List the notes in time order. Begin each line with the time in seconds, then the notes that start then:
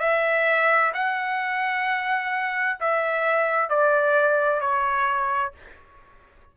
0.00 E5
0.94 F#5
2.81 E5
3.70 D5
4.61 C#5